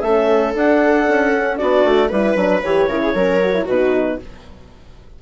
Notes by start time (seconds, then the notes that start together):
0.00 A3 C#4 A4 E5
0.54 D4 F#5
1.07 C#4
1.33 C#4
1.56 B3 D4 F#4 D5
1.84 A3
2.08 G3 E4 B4
2.35 F#3 D4
2.62 E3 G4 C#5
2.88 C#3 E4 A#4
3.02 G#4
3.14 F#3 C#4 A#4
3.41 F#4
3.53 E4
3.64 B2 D#4 F#4 B4